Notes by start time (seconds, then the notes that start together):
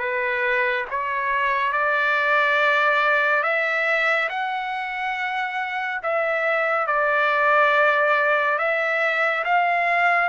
0.00 B4
0.91 C#5
1.73 D5
3.44 E5
4.30 F#5
6.04 E5
6.87 D5
8.59 E5
9.45 F5